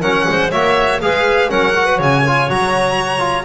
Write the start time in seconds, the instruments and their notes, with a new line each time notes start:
0.00 double bass F#3, trombone C#4, clarinet A#4, violin F#5
0.28 double bass G#3, clarinet C5
0.51 double bass A#3, trombone F#4, clarinet C#5, violin E5
1.01 double bass G#3, trombone G#4, clarinet B4, violin F5
1.49 double bass F#3, trombone C#4, clarinet A#4, violin F#5
1.75 trombone F#4
1.86 clarinet B4
1.98 double bass C#3, clarinet C#5, violin G#5
2.27 trombone F4
2.49 double bass F#3, trombone F#4, violin A#5
3.18 trombone F4